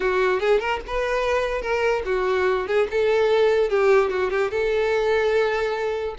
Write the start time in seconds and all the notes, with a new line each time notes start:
0.00 F#4
0.40 G#4
0.59 A#4
0.86 B4
1.61 A#4
2.05 F#4
2.67 G#4
2.90 A4
3.69 G4
4.10 F#4
4.30 G4
4.51 A4